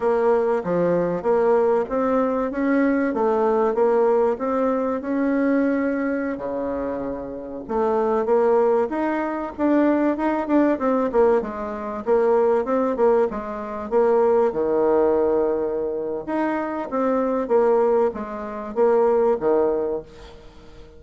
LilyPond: \new Staff \with { instrumentName = "bassoon" } { \time 4/4 \tempo 4 = 96 ais4 f4 ais4 c'4 | cis'4 a4 ais4 c'4 | cis'2~ cis'16 cis4.~ cis16~ | cis16 a4 ais4 dis'4 d'8.~ |
d'16 dis'8 d'8 c'8 ais8 gis4 ais8.~ | ais16 c'8 ais8 gis4 ais4 dis8.~ | dis2 dis'4 c'4 | ais4 gis4 ais4 dis4 | }